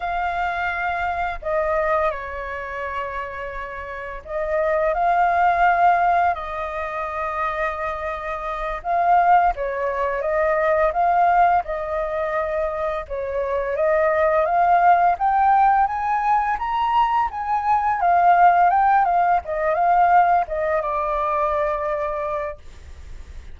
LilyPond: \new Staff \with { instrumentName = "flute" } { \time 4/4 \tempo 4 = 85 f''2 dis''4 cis''4~ | cis''2 dis''4 f''4~ | f''4 dis''2.~ | dis''8 f''4 cis''4 dis''4 f''8~ |
f''8 dis''2 cis''4 dis''8~ | dis''8 f''4 g''4 gis''4 ais''8~ | ais''8 gis''4 f''4 g''8 f''8 dis''8 | f''4 dis''8 d''2~ d''8 | }